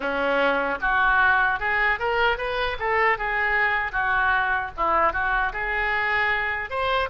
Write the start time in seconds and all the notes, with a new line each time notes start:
0.00 C#4
0.80 F#4
1.59 G#4
1.99 A#4
2.37 B4
2.78 A4
3.18 G#4
3.92 F#4
4.76 E4
5.12 F#4
5.53 G#4
6.69 C5